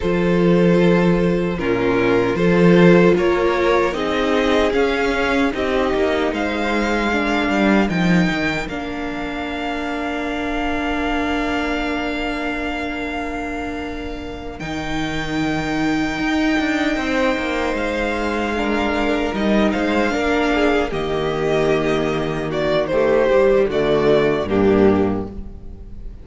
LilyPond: <<
  \new Staff \with { instrumentName = "violin" } { \time 4/4 \tempo 4 = 76 c''2 ais'4 c''4 | cis''4 dis''4 f''4 dis''4 | f''2 g''4 f''4~ | f''1~ |
f''2~ f''8 g''4.~ | g''2~ g''8 f''4.~ | f''8 dis''8 f''4. dis''4.~ | dis''8 d''8 c''4 d''4 g'4 | }
  \new Staff \with { instrumentName = "violin" } { \time 4/4 a'2 f'4 a'4 | ais'4 gis'2 g'4 | c''4 ais'2.~ | ais'1~ |
ais'1~ | ais'4. c''2 ais'8~ | ais'4 c''8 ais'8 gis'8 g'4.~ | g'8 fis'8 g'4 fis'4 d'4 | }
  \new Staff \with { instrumentName = "viola" } { \time 4/4 f'2 cis'4 f'4~ | f'4 dis'4 cis'4 dis'4~ | dis'4 d'4 dis'4 d'4~ | d'1~ |
d'2~ d'8 dis'4.~ | dis'2.~ dis'8 d'8~ | d'8 dis'4 d'4 ais4.~ | ais4 a8 g8 a4 ais4 | }
  \new Staff \with { instrumentName = "cello" } { \time 4/4 f2 ais,4 f4 | ais4 c'4 cis'4 c'8 ais8 | gis4. g8 f8 dis8 ais4~ | ais1~ |
ais2~ ais8 dis4.~ | dis8 dis'8 d'8 c'8 ais8 gis4.~ | gis8 g8 gis8 ais4 dis4.~ | dis2 d4 g,4 | }
>>